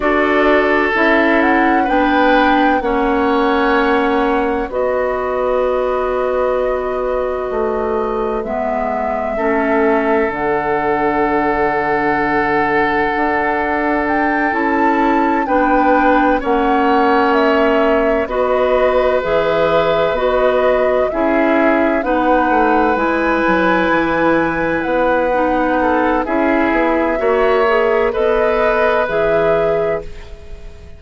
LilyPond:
<<
  \new Staff \with { instrumentName = "flute" } { \time 4/4 \tempo 4 = 64 d''4 e''8 fis''8 g''4 fis''4~ | fis''4 dis''2.~ | dis''4 e''2 fis''4~ | fis''2. g''8 a''8~ |
a''8 g''4 fis''4 e''4 dis''8~ | dis''8 e''4 dis''4 e''4 fis''8~ | fis''8 gis''2 fis''4. | e''2 dis''4 e''4 | }
  \new Staff \with { instrumentName = "oboe" } { \time 4/4 a'2 b'4 cis''4~ | cis''4 b'2.~ | b'2 a'2~ | a'1~ |
a'8 b'4 cis''2 b'8~ | b'2~ b'8 gis'4 b'8~ | b'2.~ b'8 a'8 | gis'4 cis''4 b'2 | }
  \new Staff \with { instrumentName = "clarinet" } { \time 4/4 fis'4 e'4 d'4 cis'4~ | cis'4 fis'2.~ | fis'4 b4 cis'4 d'4~ | d'2.~ d'8 e'8~ |
e'8 d'4 cis'2 fis'8~ | fis'8 gis'4 fis'4 e'4 dis'8~ | dis'8 e'2~ e'8 dis'4 | e'4 fis'8 gis'8 a'4 gis'4 | }
  \new Staff \with { instrumentName = "bassoon" } { \time 4/4 d'4 cis'4 b4 ais4~ | ais4 b2. | a4 gis4 a4 d4~ | d2 d'4. cis'8~ |
cis'8 b4 ais2 b8~ | b8 e4 b4 cis'4 b8 | a8 gis8 fis8 e4 b4. | cis'8 b8 ais4 b4 e4 | }
>>